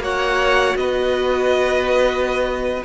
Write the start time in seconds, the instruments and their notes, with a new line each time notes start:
0.00 cello A#3, viola F#4, violin C#5 F#5
0.76 cello B3, violin B4 D#5